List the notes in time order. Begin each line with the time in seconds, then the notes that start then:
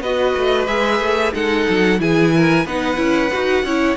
0.00 B3 F#4 B4 D#5
0.37 A3
0.66 G#3 G#4 E5
1.00 A3
1.33 G#3 D#4 A4 F#5
1.69 F#3
1.98 E3 E4 G#4 G#5
2.35 A#4
2.65 B3 D#4 B4 F#5
2.95 C#4 E4
3.32 D#4 F#4
3.63 C#4 E4 C#5